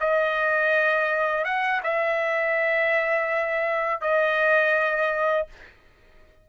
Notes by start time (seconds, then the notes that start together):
0.00 D#5
1.44 F#5
1.83 E5
4.01 D#5